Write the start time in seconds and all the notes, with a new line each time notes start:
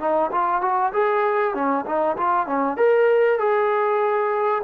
0.00 D#4
0.32 F4
0.62 F#4
0.93 G#4
1.54 C#4
1.86 D#4
2.17 F4
2.47 C#4
2.77 A#4
3.39 G#4